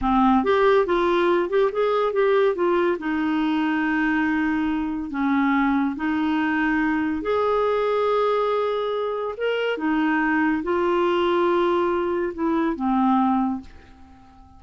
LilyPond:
\new Staff \with { instrumentName = "clarinet" } { \time 4/4 \tempo 4 = 141 c'4 g'4 f'4. g'8 | gis'4 g'4 f'4 dis'4~ | dis'1 | cis'2 dis'2~ |
dis'4 gis'2.~ | gis'2 ais'4 dis'4~ | dis'4 f'2.~ | f'4 e'4 c'2 | }